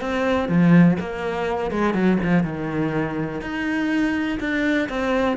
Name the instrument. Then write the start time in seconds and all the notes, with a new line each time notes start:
cello
0.00 C4
0.48 F3
0.99 A#3
1.71 G#3
1.93 F#3
2.22 F3
2.43 D#3
3.41 D#4
4.39 D4
4.88 C4